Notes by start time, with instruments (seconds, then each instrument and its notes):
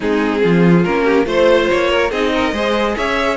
0.00 cello G#3, viola C4, violin D#4 G#4
0.42 cello F3, violin F4
0.84 cello A#3, viola C#4, violin A#4
1.04 violin G4
1.25 cello A3, viola F4, violin C5
1.69 cello A#3, violin C#5
1.90 violin A#4
2.11 cello C4, viola D#4, violin G#4 D#5
2.34 violin A#4
2.52 cello G#3, viola G#4, violin C5
2.96 cello C#4, violin C#5 E5